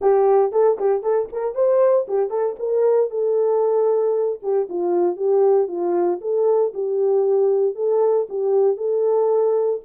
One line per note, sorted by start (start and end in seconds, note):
0.01 0.51 G4
0.51 0.77 A4
0.78 1.03 G4
1.03 1.28 A4
1.32 1.54 A#4
1.54 2.06 C5
2.07 2.30 G4
2.30 2.56 A4
2.59 3.10 A#4
3.10 4.39 A4
4.42 4.68 G4
4.69 5.16 F4
5.16 5.67 G4
5.67 6.19 F4
6.21 6.72 A4
6.74 7.75 G4
7.75 8.27 A4
8.29 8.76 G4
8.76 9.80 A4